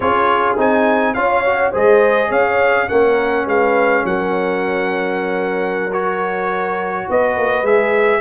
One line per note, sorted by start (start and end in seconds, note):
0.00 0.56 C#4
0.00 0.57 F4
0.00 1.14 G#4
0.00 0.56 C#5
0.57 1.14 C4
0.57 1.15 D#4
0.57 1.14 G#5
1.14 1.72 C#4
1.14 1.44 F4
1.14 1.71 C#5
1.14 1.71 F5
1.45 1.73 F#4
1.71 2.30 G#3
1.71 2.88 G#4
1.71 2.28 C5
1.71 2.31 D#5
2.29 2.87 C#4
2.29 2.87 C#5
2.29 2.89 F5
2.88 3.45 A#3
2.88 5.91 C#4
2.88 3.46 A#4
2.88 3.46 F#5
3.45 4.03 G#3
3.45 4.03 B4
3.45 4.06 F5
4.04 7.07 F#3
4.04 7.07 A#4
4.04 5.93 F#5
5.92 7.64 F#4
5.92 7.08 C#5
7.07 7.37 B3
7.07 8.21 B4
7.07 7.66 D#5
7.37 7.62 A#3
7.62 8.20 G#3
7.62 8.21 G#4
7.62 8.21 E5